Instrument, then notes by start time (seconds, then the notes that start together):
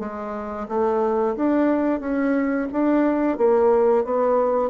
bassoon
0.00 G#3
0.69 A3
1.36 D4
2.01 C#4
2.73 D4
3.38 A#3
4.05 B3